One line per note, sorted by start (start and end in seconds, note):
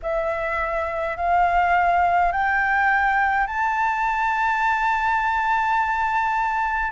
0.02 1.16 E5
1.16 2.32 F5
2.32 3.46 G5
3.46 6.91 A5